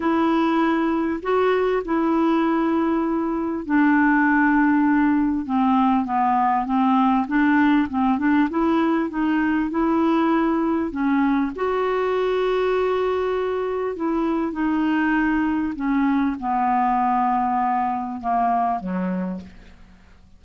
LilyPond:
\new Staff \with { instrumentName = "clarinet" } { \time 4/4 \tempo 4 = 99 e'2 fis'4 e'4~ | e'2 d'2~ | d'4 c'4 b4 c'4 | d'4 c'8 d'8 e'4 dis'4 |
e'2 cis'4 fis'4~ | fis'2. e'4 | dis'2 cis'4 b4~ | b2 ais4 fis4 | }